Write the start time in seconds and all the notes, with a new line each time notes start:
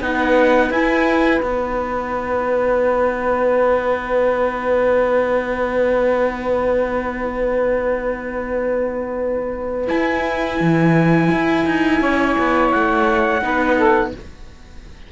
0.00 B3 D#4 B4 F#5
0.69 E4 G#5
1.40 B3 D#4 F#5
9.87 E4 G#5
10.60 E3
11.31 E4
11.65 D#4
12.00 C#4 C#5
12.37 B3
12.71 A3 F#5
13.41 B3 D#4 B4
13.76 A4